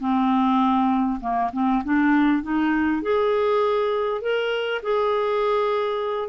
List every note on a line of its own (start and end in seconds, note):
0.00 1.20 C4
1.21 1.51 A#3
1.53 1.83 C4
1.84 2.43 D4
2.43 3.02 D#4
3.02 4.22 G#4
4.22 4.82 A#4
4.83 6.29 G#4